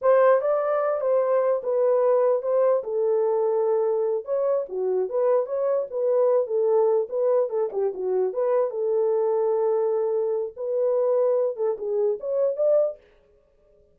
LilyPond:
\new Staff \with { instrumentName = "horn" } { \time 4/4 \tempo 4 = 148 c''4 d''4. c''4. | b'2 c''4 a'4~ | a'2~ a'8 cis''4 fis'8~ | fis'8 b'4 cis''4 b'4. |
a'4. b'4 a'8 g'8 fis'8~ | fis'8 b'4 a'2~ a'8~ | a'2 b'2~ | b'8 a'8 gis'4 cis''4 d''4 | }